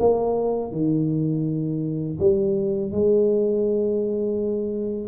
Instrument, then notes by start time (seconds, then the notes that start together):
tuba
0.00 A#3
0.72 D#3
2.20 G3
2.92 G#3